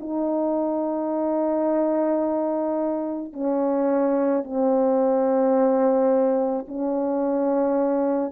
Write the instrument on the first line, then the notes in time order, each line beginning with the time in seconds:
horn
0.00 D#4
3.33 C#4
4.44 C4
6.68 C#4